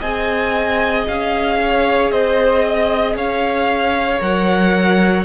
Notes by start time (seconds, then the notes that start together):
0.00 C4 G#4 D#5 G#5
1.08 C#4 F5
1.62 C#5
2.11 C4 C5 D#5
2.65 D#5
3.15 C#4 C#5 F5
4.20 F#3 A#4 F#5